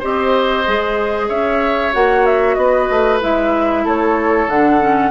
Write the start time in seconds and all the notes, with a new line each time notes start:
0.00 C4 G4 C5 D#5
0.66 G#3 G#4
1.29 C#4 C#5 E5
1.94 A#3 F#4 F#5
2.26 E5
2.55 B3 B4 D#5
2.90 A3
3.21 G#3 E4 E5
3.85 A3 A4 C#5
4.48 D3 D4 F#5
4.81 C#4